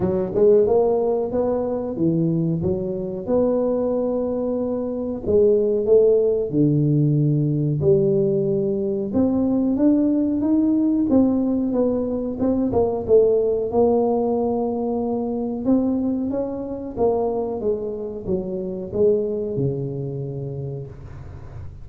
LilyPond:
\new Staff \with { instrumentName = "tuba" } { \time 4/4 \tempo 4 = 92 fis8 gis8 ais4 b4 e4 | fis4 b2. | gis4 a4 d2 | g2 c'4 d'4 |
dis'4 c'4 b4 c'8 ais8 | a4 ais2. | c'4 cis'4 ais4 gis4 | fis4 gis4 cis2 | }